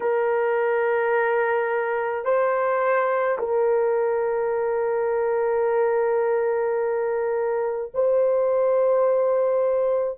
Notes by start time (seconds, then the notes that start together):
0.00 A#4
2.24 C5
3.38 A#4
7.93 C5